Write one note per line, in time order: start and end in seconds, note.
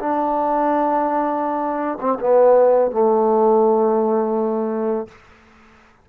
0.00 1.99 D4
2.01 2.19 C4
2.20 2.91 B3
2.91 5.08 A3